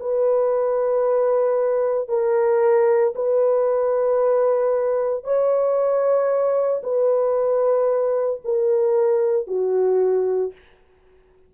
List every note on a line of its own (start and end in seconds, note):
0.00 2.08 B4
2.08 3.13 A#4
3.15 5.23 B4
5.23 6.81 C#5
6.83 8.41 B4
8.44 9.47 A#4
9.47 10.53 F#4